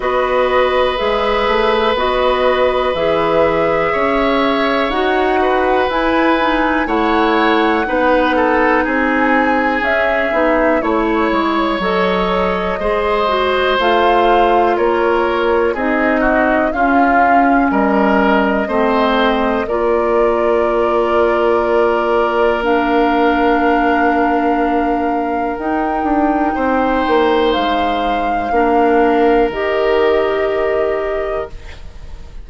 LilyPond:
<<
  \new Staff \with { instrumentName = "flute" } { \time 4/4 \tempo 4 = 61 dis''4 e''4 dis''4 e''4~ | e''4 fis''4 gis''4 fis''4~ | fis''4 gis''4 e''4 cis''4 | dis''2 f''4 cis''4 |
dis''4 f''4 dis''2 | d''2. f''4~ | f''2 g''2 | f''2 dis''2 | }
  \new Staff \with { instrumentName = "oboe" } { \time 4/4 b'1 | cis''4. b'4. cis''4 | b'8 a'8 gis'2 cis''4~ | cis''4 c''2 ais'4 |
gis'8 fis'8 f'4 ais'4 c''4 | ais'1~ | ais'2. c''4~ | c''4 ais'2. | }
  \new Staff \with { instrumentName = "clarinet" } { \time 4/4 fis'4 gis'4 fis'4 gis'4~ | gis'4 fis'4 e'8 dis'8 e'4 | dis'2 cis'8 dis'8 e'4 | a'4 gis'8 fis'8 f'2 |
dis'4 cis'2 c'4 | f'2. d'4~ | d'2 dis'2~ | dis'4 d'4 g'2 | }
  \new Staff \with { instrumentName = "bassoon" } { \time 4/4 b4 gis8 a8 b4 e4 | cis'4 dis'4 e'4 a4 | b4 c'4 cis'8 b8 a8 gis8 | fis4 gis4 a4 ais4 |
c'4 cis'4 g4 a4 | ais1~ | ais2 dis'8 d'8 c'8 ais8 | gis4 ais4 dis2 | }
>>